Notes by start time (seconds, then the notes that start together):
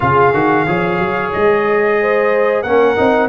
0.00 C#3 F4 G#4 F5
0.33 D#3 F#4
0.67 F3 G#4 C#5
0.99 F#3
1.32 G#3 D#5
2.01 C5
2.62 A#3 C#4 A#4 F#5
2.96 C4 D#4